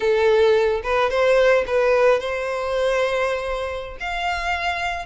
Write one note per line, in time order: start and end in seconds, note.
0.00 0.81 A4
0.83 1.09 B4
1.09 1.64 C5
1.67 2.20 B4
2.20 3.97 C5
4.00 5.05 F5